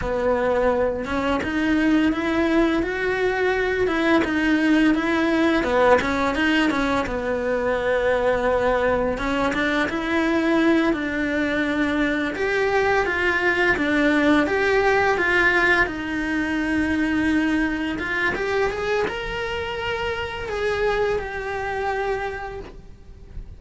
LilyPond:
\new Staff \with { instrumentName = "cello" } { \time 4/4 \tempo 4 = 85 b4. cis'8 dis'4 e'4 | fis'4. e'8 dis'4 e'4 | b8 cis'8 dis'8 cis'8 b2~ | b4 cis'8 d'8 e'4. d'8~ |
d'4. g'4 f'4 d'8~ | d'8 g'4 f'4 dis'4.~ | dis'4. f'8 g'8 gis'8 ais'4~ | ais'4 gis'4 g'2 | }